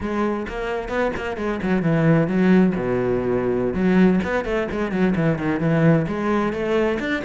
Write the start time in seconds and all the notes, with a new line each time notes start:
0.00 G#3
0.48 A#3
0.88 B3
1.16 A#3
1.37 G#3
1.62 F#3
1.82 E3
2.27 F#3
2.75 B2
3.74 F#3
4.24 B3
4.44 A3
4.71 G#3
4.91 F#3
5.15 E3
5.38 D#3
5.60 E3
6.07 G#3
6.52 A3
6.99 D4